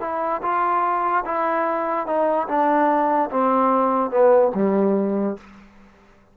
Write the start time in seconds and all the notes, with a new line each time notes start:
0.00 E4
0.42 F4
1.25 E4
2.06 D#4
2.48 D4
3.31 C4
4.10 B3
4.54 G3